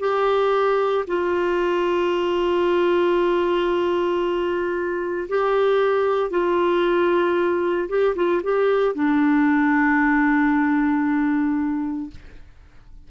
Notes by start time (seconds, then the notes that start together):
0.00 G4
1.07 F4
5.29 G4
6.31 F4
7.89 G4
8.16 F4
8.43 G4
8.95 D4